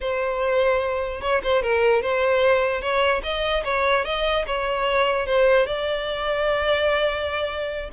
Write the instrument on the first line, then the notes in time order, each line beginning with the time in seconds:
violin
0.01 C5
1.21 C#5
1.43 C5
1.62 A#4
2.01 C5
2.81 C#5
3.23 D#5
3.64 C#5
4.04 D#5
4.46 C#5
5.26 C5
5.66 D5